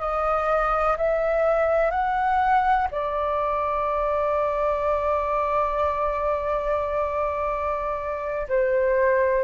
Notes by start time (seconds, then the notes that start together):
0.00 D#5
0.97 E5
1.91 F#5
2.91 D5
8.49 C5